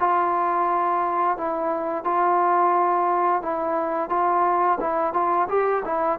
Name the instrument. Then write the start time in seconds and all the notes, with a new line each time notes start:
trombone
0.00 F4
1.38 E4
2.04 F4
3.42 E4
4.10 F4
4.80 E4
5.14 F4
5.49 G4
5.85 E4